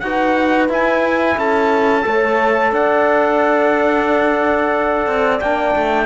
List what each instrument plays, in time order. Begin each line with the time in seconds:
0.00 cello D#4, trombone F#4, horn B4, trumpet F#5
0.69 cello E4, trombone E4, trumpet G#5
1.38 cello C#4, horn A4, trumpet A5
2.03 cello A3, trombone A4, horn C#5
2.72 cello D4, horn D5, trumpet F#5
5.07 cello C4
5.41 cello A#3, trombone D4, trumpet G5
5.76 cello A3